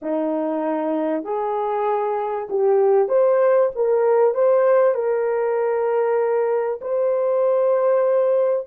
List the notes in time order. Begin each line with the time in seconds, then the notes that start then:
0.02 D#4
1.24 G#4
2.49 G4
3.08 C5
3.75 A#4
4.34 C5
4.94 A#4
6.81 C5